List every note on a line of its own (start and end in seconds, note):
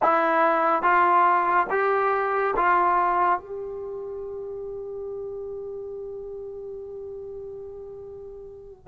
0.02 0.82 E4
0.82 1.67 F4
1.69 2.54 G4
2.56 3.39 F4
3.39 8.87 G4